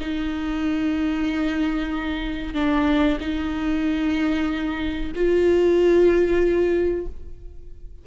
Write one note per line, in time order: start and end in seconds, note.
0.00 2.54 D#4
2.54 3.18 D4
3.20 5.12 D#4
5.15 7.06 F4